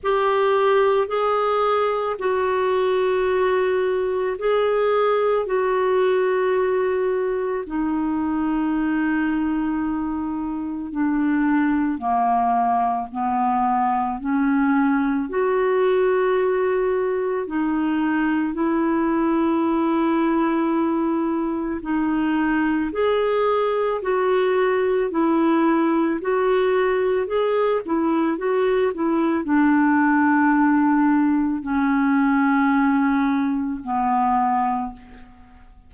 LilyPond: \new Staff \with { instrumentName = "clarinet" } { \time 4/4 \tempo 4 = 55 g'4 gis'4 fis'2 | gis'4 fis'2 dis'4~ | dis'2 d'4 ais4 | b4 cis'4 fis'2 |
dis'4 e'2. | dis'4 gis'4 fis'4 e'4 | fis'4 gis'8 e'8 fis'8 e'8 d'4~ | d'4 cis'2 b4 | }